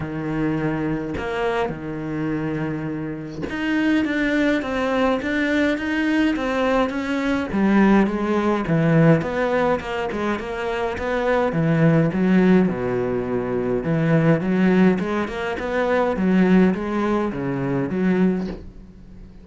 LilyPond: \new Staff \with { instrumentName = "cello" } { \time 4/4 \tempo 4 = 104 dis2 ais4 dis4~ | dis2 dis'4 d'4 | c'4 d'4 dis'4 c'4 | cis'4 g4 gis4 e4 |
b4 ais8 gis8 ais4 b4 | e4 fis4 b,2 | e4 fis4 gis8 ais8 b4 | fis4 gis4 cis4 fis4 | }